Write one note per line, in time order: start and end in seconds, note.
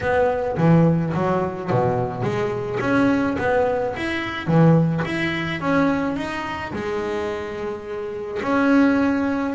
0.00 0.56 B3
0.57 1.13 E3
1.14 1.70 F#3
1.70 2.23 B2
2.23 2.79 G#3
2.80 3.36 C#4
3.38 3.94 B3
3.96 4.47 E4
4.47 5.03 E3
5.05 5.60 E4
5.60 6.16 C#4
6.16 6.72 D#4
6.72 8.41 G#3
8.42 9.54 C#4